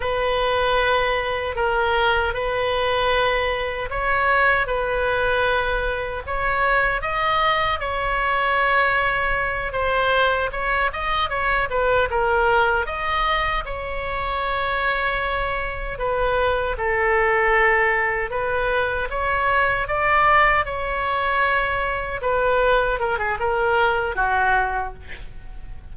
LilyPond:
\new Staff \with { instrumentName = "oboe" } { \time 4/4 \tempo 4 = 77 b'2 ais'4 b'4~ | b'4 cis''4 b'2 | cis''4 dis''4 cis''2~ | cis''8 c''4 cis''8 dis''8 cis''8 b'8 ais'8~ |
ais'8 dis''4 cis''2~ cis''8~ | cis''8 b'4 a'2 b'8~ | b'8 cis''4 d''4 cis''4.~ | cis''8 b'4 ais'16 gis'16 ais'4 fis'4 | }